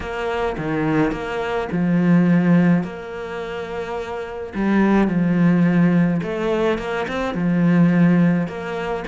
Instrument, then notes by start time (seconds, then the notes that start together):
cello
0.00 A#3
0.57 D#3
1.11 A#3
1.72 F3
2.83 A#3
4.54 G3
5.07 F3
6.22 A3
6.78 A#3
7.08 C4
7.34 F3
8.47 A#3